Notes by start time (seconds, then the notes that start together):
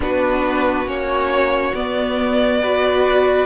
0.00 B3 D4 F#4 B4
0.85 A#3 C#4 C#5
1.74 B3 D5
2.61 F#4 B4